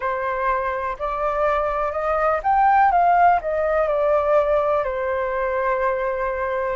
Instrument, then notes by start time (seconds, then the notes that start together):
flute
0.00 C5
0.99 D5
1.92 D#5
2.43 G5
2.91 F5
3.41 D#5
3.87 D5
4.83 C5